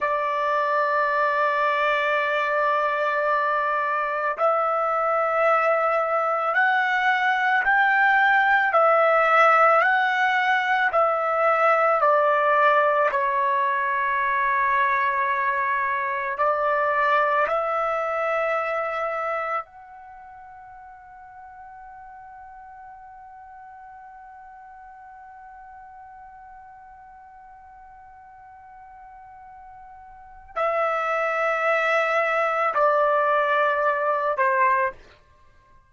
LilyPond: \new Staff \with { instrumentName = "trumpet" } { \time 4/4 \tempo 4 = 55 d''1 | e''2 fis''4 g''4 | e''4 fis''4 e''4 d''4 | cis''2. d''4 |
e''2 fis''2~ | fis''1~ | fis''1 | e''2 d''4. c''8 | }